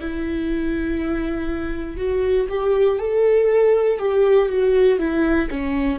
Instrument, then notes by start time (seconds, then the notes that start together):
viola
0.00 E4
1.96 F#4
2.49 G4
2.99 A4
3.99 G4
4.48 F#4
4.98 E4
5.50 C#4